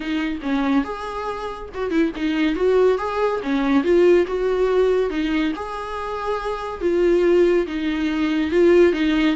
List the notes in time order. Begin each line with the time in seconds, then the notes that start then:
0.00 D#4
0.42 C#4
0.84 G#4
1.74 F#4
1.90 E4
2.16 D#4
2.55 F#4
2.98 G#4
3.42 C#4
3.83 F4
4.26 F#4
5.09 D#4
5.55 G#4
6.81 F4
7.66 D#4
8.51 F4
8.92 D#4